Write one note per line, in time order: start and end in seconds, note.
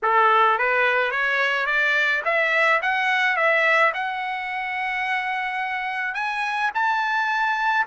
0.02 0.58 A4
0.58 1.11 B4
1.11 1.66 C#5
1.66 2.22 D5
2.24 2.80 E5
2.82 3.36 F#5
3.36 3.92 E5
3.94 6.14 F#5
6.14 6.70 G#5
6.74 7.86 A5